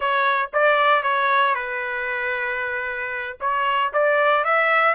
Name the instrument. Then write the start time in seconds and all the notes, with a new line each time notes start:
trumpet
0.00 C#5
0.53 D5
1.02 C#5
1.55 B4
3.40 C#5
3.93 D5
4.44 E5